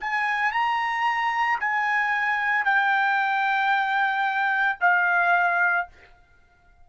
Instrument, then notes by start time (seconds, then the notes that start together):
trumpet
0.00 G#5
0.52 A#5
1.60 G#5
2.64 G5
4.80 F5